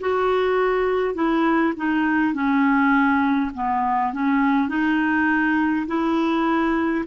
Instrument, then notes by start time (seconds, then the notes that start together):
clarinet
0.00 F#4
1.14 E4
1.76 D#4
2.34 C#4
3.54 B3
4.13 C#4
4.68 D#4
5.87 E4